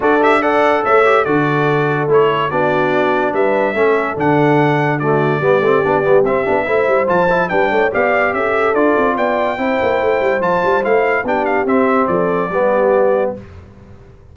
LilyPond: <<
  \new Staff \with { instrumentName = "trumpet" } { \time 4/4 \tempo 4 = 144 d''8 e''8 fis''4 e''4 d''4~ | d''4 cis''4 d''2 | e''2 fis''2 | d''2. e''4~ |
e''4 a''4 g''4 f''4 | e''4 d''4 g''2~ | g''4 a''4 f''4 g''8 f''8 | e''4 d''2. | }
  \new Staff \with { instrumentName = "horn" } { \time 4/4 a'4 d''4 cis''4 a'4~ | a'2 fis'2 | b'4 a'2. | fis'4 g'2. |
c''2 b'8 cis''8 d''4 | a'2 d''4 c''4~ | c''2. g'4~ | g'4 a'4 g'2 | }
  \new Staff \with { instrumentName = "trombone" } { \time 4/4 fis'8 g'8 a'4. g'8 fis'4~ | fis'4 e'4 d'2~ | d'4 cis'4 d'2 | a4 b8 c'8 d'8 b8 c'8 d'8 |
e'4 f'8 e'8 d'4 g'4~ | g'4 f'2 e'4~ | e'4 f'4 e'4 d'4 | c'2 b2 | }
  \new Staff \with { instrumentName = "tuba" } { \time 4/4 d'2 a4 d4~ | d4 a4 b2 | g4 a4 d2~ | d4 g8 a8 b8 g8 c'8 b8 |
a8 g8 f4 g8 a8 b4 | cis'4 d'8 c'8 b4 c'8 ais8 | a8 g8 f8 g8 a4 b4 | c'4 f4 g2 | }
>>